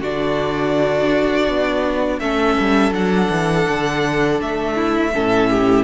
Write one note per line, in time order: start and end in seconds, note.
0.00 1.46 D3
0.00 2.21 D4
0.00 2.20 F#4
0.00 2.19 D5
1.48 2.20 B3
2.19 2.56 A3
2.19 2.91 C#4
2.19 4.75 A4
2.19 2.93 E5
2.59 2.91 G3
2.91 3.28 F#3
2.91 5.11 D4
2.91 4.40 F#5
3.30 3.66 E3
3.68 4.41 D3
4.41 5.14 A3
4.41 5.84 E5
4.75 5.11 E4
5.14 5.84 A2
5.14 5.84 C#4
5.14 5.50 A4
5.50 5.84 G4